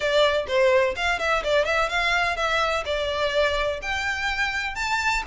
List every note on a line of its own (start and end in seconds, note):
0.00 0.46 D5
0.47 0.95 C5
0.96 1.19 F5
1.19 1.43 E5
1.43 1.65 D5
1.65 1.89 E5
1.89 2.36 F5
2.36 2.84 E5
2.85 3.80 D5
3.82 4.75 G5
4.75 5.22 A5